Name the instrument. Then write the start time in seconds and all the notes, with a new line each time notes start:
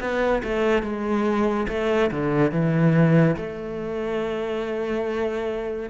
cello
0.00 B3
0.43 A3
0.83 G#3
1.68 A3
2.11 D3
2.51 E3
3.36 A3